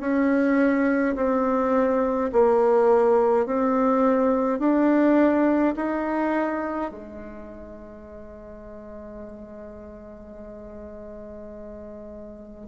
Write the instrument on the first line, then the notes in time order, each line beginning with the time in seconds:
bassoon
0.00 C#4
1.16 C4
2.33 A#3
3.46 C4
4.59 D4
5.76 D#4
6.91 G#3